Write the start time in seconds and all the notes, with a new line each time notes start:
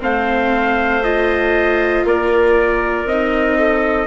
0.00 A3 C4 C5 F5
1.04 F4 D#5
2.05 A#3 A#4 D5
3.05 C4 D#4 D#5
3.58 A4